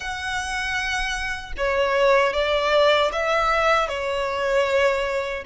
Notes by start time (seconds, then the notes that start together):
0.00 F#5
1.57 C#5
2.33 D5
3.12 E5
3.88 C#5